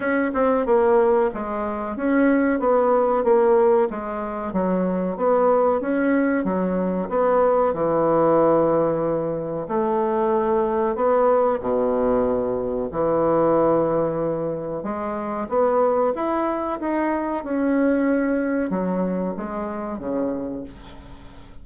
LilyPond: \new Staff \with { instrumentName = "bassoon" } { \time 4/4 \tempo 4 = 93 cis'8 c'8 ais4 gis4 cis'4 | b4 ais4 gis4 fis4 | b4 cis'4 fis4 b4 | e2. a4~ |
a4 b4 b,2 | e2. gis4 | b4 e'4 dis'4 cis'4~ | cis'4 fis4 gis4 cis4 | }